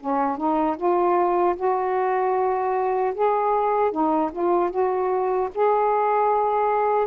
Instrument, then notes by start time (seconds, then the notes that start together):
saxophone
0.00 C#4
0.37 D#4
0.77 F4
1.56 F#4
3.14 G#4
3.92 D#4
4.32 F4
4.70 F#4
5.54 G#4